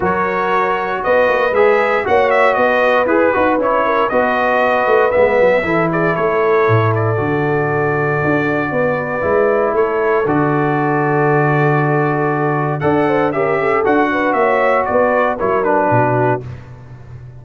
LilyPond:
<<
  \new Staff \with { instrumentName = "trumpet" } { \time 4/4 \tempo 4 = 117 cis''2 dis''4 e''4 | fis''8 e''8 dis''4 b'4 cis''4 | dis''2 e''4. d''8 | cis''4. d''2~ d''8~ |
d''2. cis''4 | d''1~ | d''4 fis''4 e''4 fis''4 | e''4 d''4 cis''8 b'4. | }
  \new Staff \with { instrumentName = "horn" } { \time 4/4 ais'2 b'2 | cis''4 b'2~ b'8 ais'8 | b'2. a'8 gis'8 | a'1~ |
a'4 b'2 a'4~ | a'1~ | a'4 d''8 c''8 ais'8 a'4 b'8 | cis''4 b'4 ais'4 fis'4 | }
  \new Staff \with { instrumentName = "trombone" } { \time 4/4 fis'2. gis'4 | fis'2 gis'8 fis'8 e'4 | fis'2 b4 e'4~ | e'2 fis'2~ |
fis'2 e'2 | fis'1~ | fis'4 a'4 g'4 fis'4~ | fis'2 e'8 d'4. | }
  \new Staff \with { instrumentName = "tuba" } { \time 4/4 fis2 b8 ais8 gis4 | ais4 b4 e'8 dis'8 cis'4 | b4. a8 gis8 fis8 e4 | a4 a,4 d2 |
d'4 b4 gis4 a4 | d1~ | d4 d'4 cis'4 d'4 | ais4 b4 fis4 b,4 | }
>>